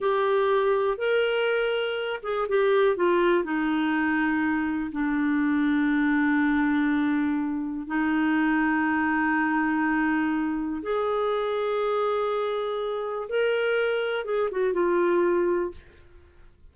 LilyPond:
\new Staff \with { instrumentName = "clarinet" } { \time 4/4 \tempo 4 = 122 g'2 ais'2~ | ais'8 gis'8 g'4 f'4 dis'4~ | dis'2 d'2~ | d'1 |
dis'1~ | dis'2 gis'2~ | gis'2. ais'4~ | ais'4 gis'8 fis'8 f'2 | }